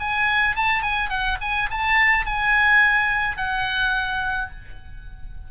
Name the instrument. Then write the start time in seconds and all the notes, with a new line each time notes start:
oboe
0.00 G#5
0.56 A5
0.82 G#5
1.10 F#5
1.41 G#5
1.71 A5
2.26 G#5
3.37 F#5